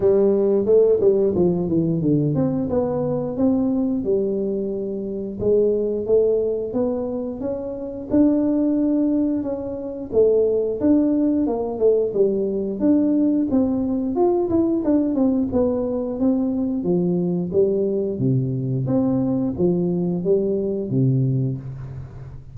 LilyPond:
\new Staff \with { instrumentName = "tuba" } { \time 4/4 \tempo 4 = 89 g4 a8 g8 f8 e8 d8 c'8 | b4 c'4 g2 | gis4 a4 b4 cis'4 | d'2 cis'4 a4 |
d'4 ais8 a8 g4 d'4 | c'4 f'8 e'8 d'8 c'8 b4 | c'4 f4 g4 c4 | c'4 f4 g4 c4 | }